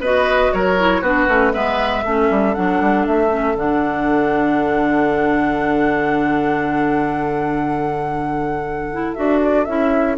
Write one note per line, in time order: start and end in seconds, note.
0.00 0.51 B3
0.00 0.77 F#4
0.00 0.52 B4
0.00 0.53 D#5
0.53 1.01 F#3
0.53 1.01 A#4
0.53 1.03 C#5
0.77 1.03 E4
1.01 1.26 B3
1.01 1.28 D4
1.01 1.52 F#4
1.01 1.53 B4
1.28 1.53 A3
1.28 1.53 C#4
1.53 2.04 G#3
1.53 2.04 B3
1.53 2.04 B4
1.53 2.54 E5
2.04 2.30 A3
2.04 2.55 C#4
2.04 10.17 A4
2.30 2.56 G3
2.54 2.81 F#3
2.54 3.29 D4
2.54 3.05 F#5
2.81 3.07 G3
3.06 3.54 A3
3.06 3.57 E5
3.29 3.55 C#4
3.54 9.13 D3
3.54 8.91 D4
3.54 9.14 F#5
8.92 9.16 E4
9.14 9.67 D4
9.14 9.66 F#4
9.14 9.39 E5
9.43 9.65 D5
9.65 10.18 C#4
9.65 10.18 E4
9.65 10.16 E5